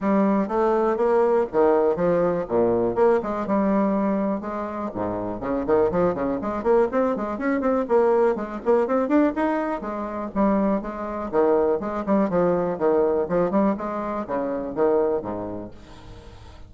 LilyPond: \new Staff \with { instrumentName = "bassoon" } { \time 4/4 \tempo 4 = 122 g4 a4 ais4 dis4 | f4 ais,4 ais8 gis8 g4~ | g4 gis4 gis,4 cis8 dis8 | f8 cis8 gis8 ais8 c'8 gis8 cis'8 c'8 |
ais4 gis8 ais8 c'8 d'8 dis'4 | gis4 g4 gis4 dis4 | gis8 g8 f4 dis4 f8 g8 | gis4 cis4 dis4 gis,4 | }